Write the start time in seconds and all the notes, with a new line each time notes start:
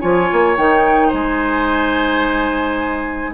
0.00 F3 F4 C#5 G#5
0.32 A#3
0.57 D#3 D#4 G5
1.08 G#3 C5
1.14 G#5